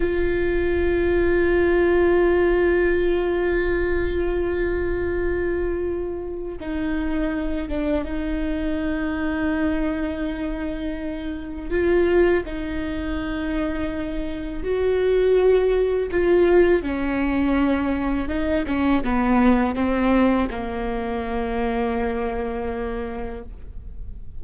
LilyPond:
\new Staff \with { instrumentName = "viola" } { \time 4/4 \tempo 4 = 82 f'1~ | f'1~ | f'4 dis'4. d'8 dis'4~ | dis'1 |
f'4 dis'2. | fis'2 f'4 cis'4~ | cis'4 dis'8 cis'8 b4 c'4 | ais1 | }